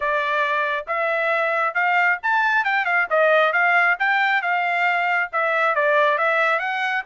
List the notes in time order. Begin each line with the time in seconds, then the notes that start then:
0.00 D5
0.87 E5
1.74 F5
2.22 A5
2.64 G5
2.85 F5
3.10 D#5
3.53 F5
3.99 G5
4.41 F5
5.32 E5
5.75 D5
6.18 E5
6.59 F#5